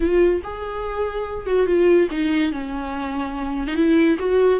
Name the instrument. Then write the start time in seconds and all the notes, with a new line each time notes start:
viola
0.00 F4
0.43 G#4
1.46 F#4
1.66 F4
2.10 D#4
2.52 C#4
3.67 D#4
3.75 E4
4.18 F#4